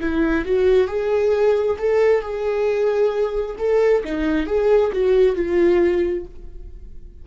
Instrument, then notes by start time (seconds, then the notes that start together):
viola
0.00 E4
0.45 F#4
0.87 G#4
1.78 A4
2.21 G#4
3.58 A4
4.04 D#4
4.46 G#4
4.92 F#4
5.35 F4